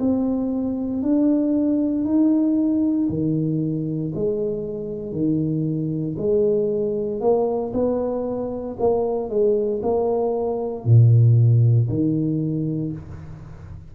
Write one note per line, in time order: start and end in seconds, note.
0.00 1.03 C4
1.03 2.05 D4
2.05 3.08 D#4
3.09 4.12 D#3
4.15 5.12 G#3
5.12 6.16 D#3
6.18 7.20 G#3
7.20 7.72 A#3
7.74 8.77 B3
8.79 9.29 A#3
9.29 9.81 G#3
9.83 10.85 A#3
10.85 11.88 A#2
11.89 12.92 D#3